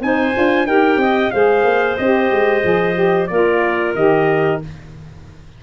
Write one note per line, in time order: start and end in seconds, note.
0.00 0.33 C4
0.00 0.33 D#4
0.00 0.67 C5
0.00 0.66 G#5
0.33 0.66 D4
0.33 0.66 F4
0.66 0.96 D#4
0.66 1.31 G4
0.66 1.00 A#4
0.66 1.31 G5
0.96 1.29 C4
0.96 1.33 D#5
1.31 1.63 G#3
1.31 1.97 G#4
1.31 3.30 C5
1.31 1.97 F5
1.63 1.96 A#3
1.97 2.31 C4
1.97 2.62 G4
1.97 3.27 D#5
2.31 2.64 G#3
2.62 3.30 F3
2.62 2.94 G#4
2.94 3.27 G4
3.27 3.95 A#3
3.27 3.95 F4
3.27 4.63 A#4
3.27 3.93 D5
3.95 4.61 D#3
3.95 4.61 G4
3.95 4.62 D#5